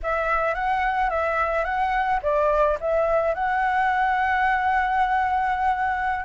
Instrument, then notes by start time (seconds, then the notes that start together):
flute
0.03 E5
0.54 F#5
1.10 E5
1.64 F#5
2.22 D5
2.80 E5
3.34 F#5